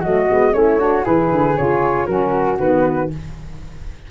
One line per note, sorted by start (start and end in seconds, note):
0.00 0.29 F#3
0.00 0.29 A3
0.00 0.51 F#4
0.00 0.54 D#5
0.30 0.54 G#3
0.30 0.53 B3
0.53 1.05 A3
0.53 0.79 C#4
0.53 0.79 E4
0.53 1.05 C#5
0.79 1.02 D4
0.79 1.05 F#4
1.02 1.32 E3
1.02 1.54 E4
1.02 2.07 G#4
1.02 1.57 B4
1.32 1.57 D3
1.56 2.07 C#3
1.56 2.07 F4
1.56 2.06 C#5
2.06 2.59 F#3
2.06 2.59 C#4
2.06 3.10 F#4
2.06 2.58 A#4
2.59 3.11 D#3
2.59 3.11 B3
2.59 3.11 B4